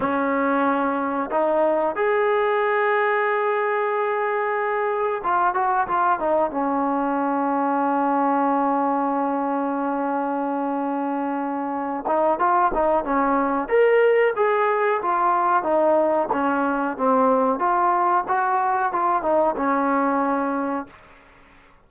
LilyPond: \new Staff \with { instrumentName = "trombone" } { \time 4/4 \tempo 4 = 92 cis'2 dis'4 gis'4~ | gis'1 | f'8 fis'8 f'8 dis'8 cis'2~ | cis'1~ |
cis'2~ cis'8 dis'8 f'8 dis'8 | cis'4 ais'4 gis'4 f'4 | dis'4 cis'4 c'4 f'4 | fis'4 f'8 dis'8 cis'2 | }